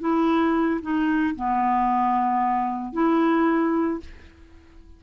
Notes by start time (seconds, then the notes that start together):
0.00 E4
0.81 D#4
1.35 B3
2.93 E4